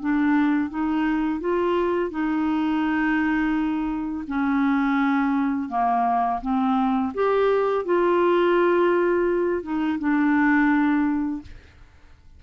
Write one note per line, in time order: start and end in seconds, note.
0.00 0.69 D4
0.69 1.40 D#4
1.40 2.10 F4
2.10 4.25 D#4
4.27 5.69 C#4
5.69 6.40 A#3
6.41 7.13 C4
7.14 7.85 G4
7.85 9.62 F4
9.62 9.98 D#4
9.99 11.42 D4